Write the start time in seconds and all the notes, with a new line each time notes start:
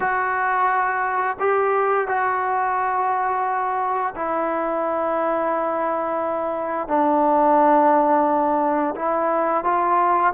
0.00 F#4
1.39 G4
2.07 F#4
4.15 E4
6.88 D4
8.95 E4
9.64 F4